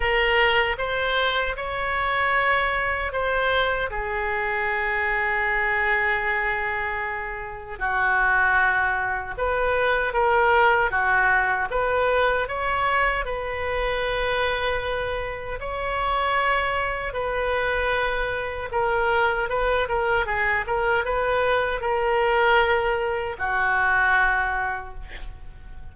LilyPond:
\new Staff \with { instrumentName = "oboe" } { \time 4/4 \tempo 4 = 77 ais'4 c''4 cis''2 | c''4 gis'2.~ | gis'2 fis'2 | b'4 ais'4 fis'4 b'4 |
cis''4 b'2. | cis''2 b'2 | ais'4 b'8 ais'8 gis'8 ais'8 b'4 | ais'2 fis'2 | }